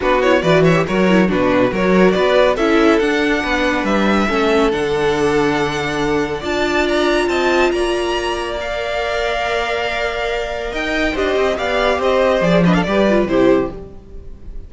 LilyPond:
<<
  \new Staff \with { instrumentName = "violin" } { \time 4/4 \tempo 4 = 140 b'8 cis''8 d''8 e''8 cis''4 b'4 | cis''4 d''4 e''4 fis''4~ | fis''4 e''2 fis''4~ | fis''2. a''4 |
ais''4 a''4 ais''2 | f''1~ | f''4 g''4 dis''4 f''4 | dis''4 d''8 dis''16 f''16 d''4 c''4 | }
  \new Staff \with { instrumentName = "violin" } { \time 4/4 fis'4 b'8 cis''8 ais'4 fis'4 | ais'4 b'4 a'2 | b'2 a'2~ | a'2. d''4~ |
d''4 dis''4 d''2~ | d''1~ | d''4 dis''4 g'4 d''4 | c''4. b'16 a'16 b'4 g'4 | }
  \new Staff \with { instrumentName = "viola" } { \time 4/4 d'8 e'8 fis'8. g'16 fis'8 e'8 d'4 | fis'2 e'4 d'4~ | d'2 cis'4 d'4~ | d'2. f'4~ |
f'1 | ais'1~ | ais'2 c''4 g'4~ | g'4 gis'8 d'8 g'8 f'8 e'4 | }
  \new Staff \with { instrumentName = "cello" } { \time 4/4 b4 e4 fis4 b,4 | fis4 b4 cis'4 d'4 | b4 g4 a4 d4~ | d2. d'4~ |
d'4 c'4 ais2~ | ais1~ | ais4 dis'4 d'8 c'8 b4 | c'4 f4 g4 c4 | }
>>